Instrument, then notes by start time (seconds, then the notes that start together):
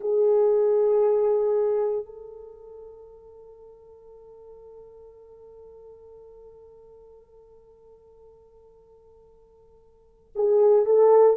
horn
0.00 G#4
2.05 A4
10.35 G#4
10.85 A4